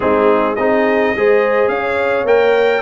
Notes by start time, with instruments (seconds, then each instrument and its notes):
0.00 tuba G#3, trombone C4, horn D#4, trumpet G#4
0.55 tuba C4, trombone D#4, horn G#4, trumpet D#5
1.15 tuba G#3, trombone G#4, horn C5
1.67 tuba C#4, horn C#5, trumpet F5
2.23 tuba A#3, trombone A#4, trumpet G5